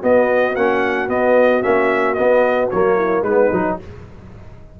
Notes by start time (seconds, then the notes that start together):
0.00 B3 F#4 D#5
0.55 A#3 C#4 F#5
1.08 B3 D#5
1.62 A#3 C#4 E5
2.14 B3 D#5
2.70 F#3 A#3 C#5
2.95 E4
3.22 G#3 B3 D#4 B4
3.52 F#3 D#4